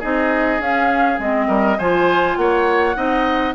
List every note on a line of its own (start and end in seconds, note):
0.00 0.60 C4
0.00 0.60 D#4
0.00 1.47 G#4
0.00 0.61 D#5
0.60 1.19 C#4
0.60 1.20 C#4
0.60 1.20 F5
1.19 1.49 G#3
1.19 1.78 C4
1.19 1.79 D#5
1.48 1.78 G3
1.48 1.78 A#4
1.79 2.38 F3
1.79 2.95 F4
1.79 2.37 C5
1.79 2.37 G#5
2.37 2.96 A#3
2.37 2.97 C#5
2.37 3.54 F#5
2.95 3.55 C4
2.95 3.54 D#4
2.95 3.55 D#5